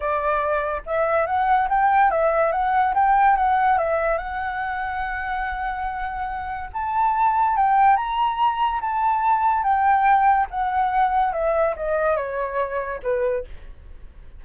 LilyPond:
\new Staff \with { instrumentName = "flute" } { \time 4/4 \tempo 4 = 143 d''2 e''4 fis''4 | g''4 e''4 fis''4 g''4 | fis''4 e''4 fis''2~ | fis''1 |
a''2 g''4 ais''4~ | ais''4 a''2 g''4~ | g''4 fis''2 e''4 | dis''4 cis''2 b'4 | }